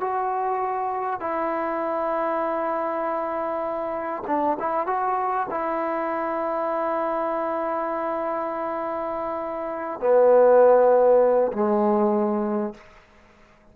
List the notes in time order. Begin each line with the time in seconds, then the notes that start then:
0.00 F#4
1.20 E4
4.26 D4
4.59 E4
4.86 F#4
5.50 E4
10.00 B3
11.52 G#3